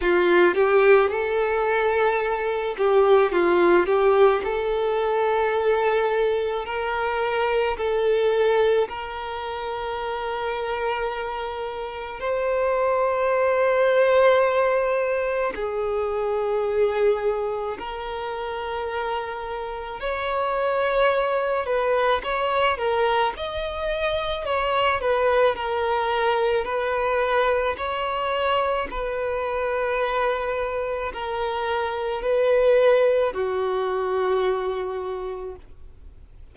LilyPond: \new Staff \with { instrumentName = "violin" } { \time 4/4 \tempo 4 = 54 f'8 g'8 a'4. g'8 f'8 g'8 | a'2 ais'4 a'4 | ais'2. c''4~ | c''2 gis'2 |
ais'2 cis''4. b'8 | cis''8 ais'8 dis''4 cis''8 b'8 ais'4 | b'4 cis''4 b'2 | ais'4 b'4 fis'2 | }